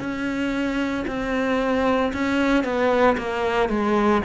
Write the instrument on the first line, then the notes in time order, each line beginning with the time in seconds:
cello
0.00 C#4
1.08 C4
2.13 C#4
2.64 B3
3.18 A#3
3.69 G#3